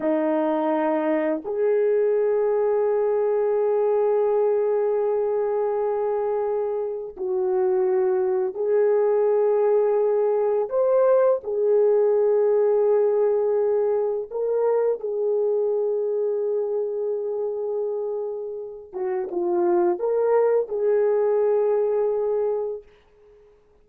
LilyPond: \new Staff \with { instrumentName = "horn" } { \time 4/4 \tempo 4 = 84 dis'2 gis'2~ | gis'1~ | gis'2 fis'2 | gis'2. c''4 |
gis'1 | ais'4 gis'2.~ | gis'2~ gis'8 fis'8 f'4 | ais'4 gis'2. | }